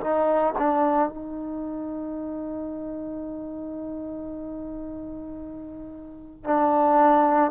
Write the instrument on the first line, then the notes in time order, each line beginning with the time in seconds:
trombone
0.00 D#4
0.58 D4
1.09 D#4
6.44 D4